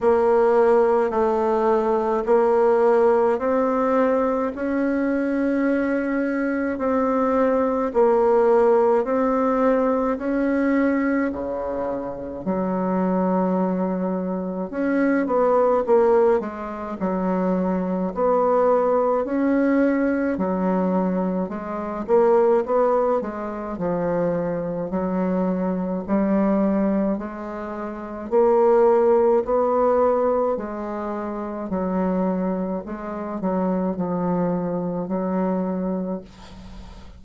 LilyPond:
\new Staff \with { instrumentName = "bassoon" } { \time 4/4 \tempo 4 = 53 ais4 a4 ais4 c'4 | cis'2 c'4 ais4 | c'4 cis'4 cis4 fis4~ | fis4 cis'8 b8 ais8 gis8 fis4 |
b4 cis'4 fis4 gis8 ais8 | b8 gis8 f4 fis4 g4 | gis4 ais4 b4 gis4 | fis4 gis8 fis8 f4 fis4 | }